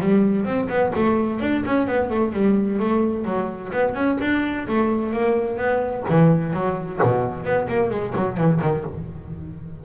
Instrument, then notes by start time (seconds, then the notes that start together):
double bass
0.00 G3
0.45 C4
0.69 B3
0.96 A3
1.41 D4
1.65 C#4
1.88 B3
2.10 A3
2.33 G3
2.79 A3
3.25 F#3
3.73 B3
3.95 C#4
4.21 D4
4.68 A3
5.13 A#3
5.58 B3
6.09 E3
6.53 F#3
7.03 B2
7.44 B3
7.68 A#3
7.90 G#3
8.16 F#3
8.37 E3
8.62 D#3